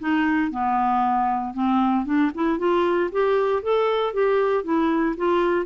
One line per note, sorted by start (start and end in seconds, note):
0.00 0.51 D#4
0.51 1.54 B3
1.54 2.06 C4
2.06 2.32 D4
2.35 2.59 E4
2.59 3.11 F4
3.12 3.63 G4
3.63 4.14 A4
4.14 4.64 G4
4.64 5.16 E4
5.17 5.66 F4